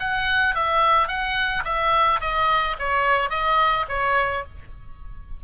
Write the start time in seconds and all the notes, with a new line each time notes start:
0.00 F#5
0.55 E5
1.08 F#5
1.65 E5
2.21 D#5
2.79 C#5
3.30 D#5
3.89 C#5